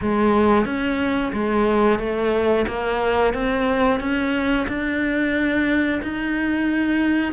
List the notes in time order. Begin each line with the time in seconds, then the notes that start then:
0.01 G#3
0.65 C#4
1.33 G#3
1.99 A3
2.67 A#3
3.33 C4
3.99 C#4
4.68 D4
6.02 D#4